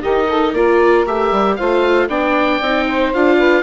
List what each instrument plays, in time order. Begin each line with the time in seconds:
0.00 bassoon D#3, viola D#4, saxophone G4, oboe D#5
0.28 saxophone A4
0.52 bassoon A#3, viola F4, saxophone A#4, oboe D5
1.06 bassoon A3, viola G4, oboe E5
1.31 bassoon G3
1.56 bassoon A3, viola F4, saxophone C5, oboe F5
2.08 bassoon B3, viola D4, saxophone D5, oboe G5
2.61 bassoon C4, viola D#4
2.87 saxophone C5
3.13 bassoon D4, viola F4, oboe F5
3.37 saxophone B4